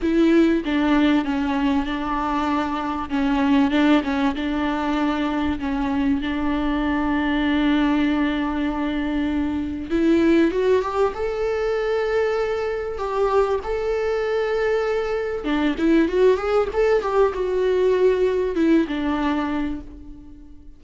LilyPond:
\new Staff \with { instrumentName = "viola" } { \time 4/4 \tempo 4 = 97 e'4 d'4 cis'4 d'4~ | d'4 cis'4 d'8 cis'8 d'4~ | d'4 cis'4 d'2~ | d'1 |
e'4 fis'8 g'8 a'2~ | a'4 g'4 a'2~ | a'4 d'8 e'8 fis'8 gis'8 a'8 g'8 | fis'2 e'8 d'4. | }